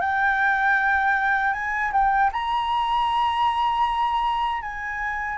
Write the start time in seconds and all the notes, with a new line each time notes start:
0.00 G5
1.53 G#5
1.92 G5
2.32 A#5
4.61 G#5